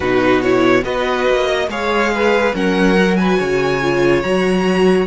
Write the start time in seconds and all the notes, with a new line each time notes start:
0.00 B2 D#4 F#4 B4
0.41 E4 C#5
0.82 B3 F#4 B4 D#5
1.28 A#3
1.47 D#5
1.68 G#3 G#4 C#5 F5
2.14 B4
2.53 F#3 C#4 A#4 F#5
2.96 F#4
3.16 B4 G#5
3.38 C#3 C#5
3.81 F4
4.22 F#3 F#4 A#5